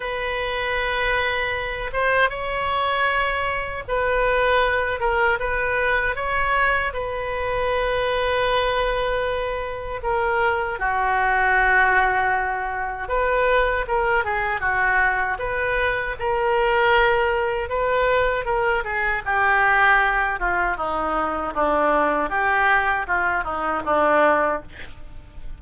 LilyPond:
\new Staff \with { instrumentName = "oboe" } { \time 4/4 \tempo 4 = 78 b'2~ b'8 c''8 cis''4~ | cis''4 b'4. ais'8 b'4 | cis''4 b'2.~ | b'4 ais'4 fis'2~ |
fis'4 b'4 ais'8 gis'8 fis'4 | b'4 ais'2 b'4 | ais'8 gis'8 g'4. f'8 dis'4 | d'4 g'4 f'8 dis'8 d'4 | }